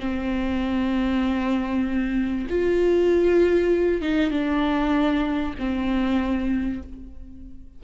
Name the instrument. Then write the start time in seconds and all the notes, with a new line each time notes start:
viola
0.00 C4
2.50 F4
4.02 D#4
4.31 D4
5.59 C4